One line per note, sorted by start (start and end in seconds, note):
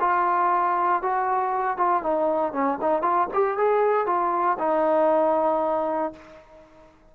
0.00 1.02 F4
1.02 1.77 F#4
1.77 2.03 F4
2.03 2.53 D#4
2.53 2.78 C#4
2.81 3.02 D#4
3.02 3.28 F4
3.33 3.57 G4
3.57 4.06 G#4
4.06 4.58 F4
4.59 6.13 D#4